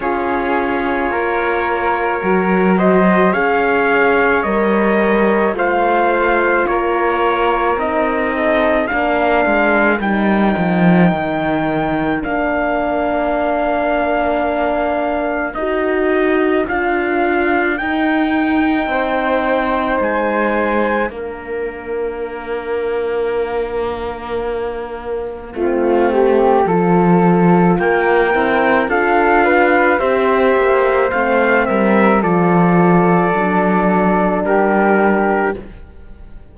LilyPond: <<
  \new Staff \with { instrumentName = "trumpet" } { \time 4/4 \tempo 4 = 54 cis''2~ cis''8 dis''8 f''4 | dis''4 f''4 cis''4 dis''4 | f''4 g''2 f''4~ | f''2 dis''4 f''4 |
g''2 gis''4 f''4~ | f''1~ | f''4 g''4 f''4 e''4 | f''8 e''8 d''2 ais'4 | }
  \new Staff \with { instrumentName = "flute" } { \time 4/4 gis'4 ais'4. c''8 cis''4~ | cis''4 c''4 ais'4. a'8 | ais'1~ | ais'1~ |
ais'4 c''2 ais'4~ | ais'2. f'8 g'8 | a'4 ais'4 a'8 b'8 c''4~ | c''8 ais'8 a'2 g'4 | }
  \new Staff \with { instrumentName = "horn" } { \time 4/4 f'2 fis'4 gis'4 | ais'4 f'2 dis'4 | d'4 dis'2 d'4~ | d'2 fis'4 f'4 |
dis'2. d'4~ | d'2. c'4 | f'4. e'8 f'4 g'4 | c'4 f'4 d'2 | }
  \new Staff \with { instrumentName = "cello" } { \time 4/4 cis'4 ais4 fis4 cis'4 | g4 a4 ais4 c'4 | ais8 gis8 g8 f8 dis4 ais4~ | ais2 dis'4 d'4 |
dis'4 c'4 gis4 ais4~ | ais2. a4 | f4 ais8 c'8 d'4 c'8 ais8 | a8 g8 f4 fis4 g4 | }
>>